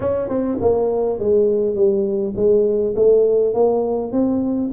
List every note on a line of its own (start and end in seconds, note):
0.00 0.29 C#4
0.29 0.58 C4
0.60 1.19 A#3
1.19 1.75 G#3
1.75 2.34 G3
2.36 2.94 G#3
2.95 3.54 A3
3.54 4.12 A#3
4.12 4.71 C4